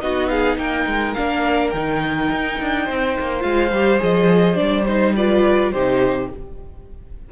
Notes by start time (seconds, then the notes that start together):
0.00 B3 D#4 F#4 D#5
0.28 G#4 F5
0.57 A#3 A#4 G5
0.86 G#3
1.13 A#3 D4 F5
1.70 D#3 D#4 G5
2.31 D#4
2.60 D4
2.84 C4 C5
3.19 A#3
3.39 G#3 F4 F5
3.71 G3 G4
3.98 F3 G#4 D#5
4.55 G3 D4 D5
4.85 D#4 C5
5.15 F4 B4 D5
5.72 C3 D#4 G4 C5